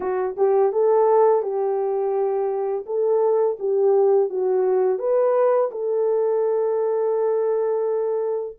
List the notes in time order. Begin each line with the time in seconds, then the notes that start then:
0.00 F#4
0.36 G4
0.72 A4
1.42 G4
2.86 A4
3.59 G4
4.29 F#4
4.98 B4
5.71 A4